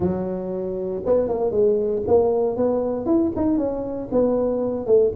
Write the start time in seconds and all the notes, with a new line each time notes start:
0.00 F#3
1.05 B3
1.28 A#3
1.51 G#3
2.07 A#3
2.56 B3
3.05 E4
3.36 D#4
3.57 C#4
4.11 B3
4.86 A3